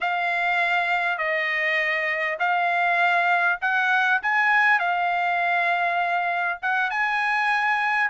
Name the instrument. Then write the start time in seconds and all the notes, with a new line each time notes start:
trumpet
0.01 F5
1.18 D#5
2.39 F5
3.61 F#5
4.22 G#5
4.79 F5
6.62 F#5
6.90 G#5